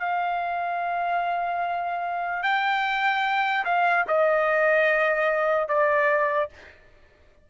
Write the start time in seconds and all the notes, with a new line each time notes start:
0.00 F5
2.43 G5
3.65 F5
4.08 D#5
5.69 D5